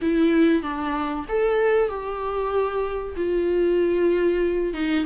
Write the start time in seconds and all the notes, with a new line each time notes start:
0.01 E4
0.62 D4
1.28 A4
1.88 G4
3.16 F4
4.73 D#4